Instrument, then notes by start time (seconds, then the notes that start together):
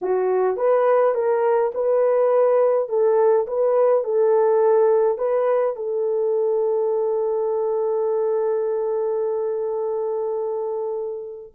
horn
0.01 F#4
0.56 B4
1.14 A#4
1.74 B4
2.88 A4
3.47 B4
4.04 A4
5.18 B4
5.75 A4